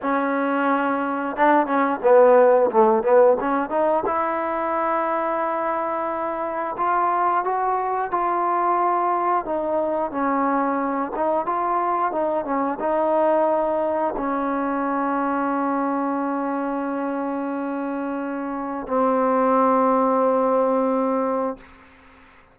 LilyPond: \new Staff \with { instrumentName = "trombone" } { \time 4/4 \tempo 4 = 89 cis'2 d'8 cis'8 b4 | a8 b8 cis'8 dis'8 e'2~ | e'2 f'4 fis'4 | f'2 dis'4 cis'4~ |
cis'8 dis'8 f'4 dis'8 cis'8 dis'4~ | dis'4 cis'2.~ | cis'1 | c'1 | }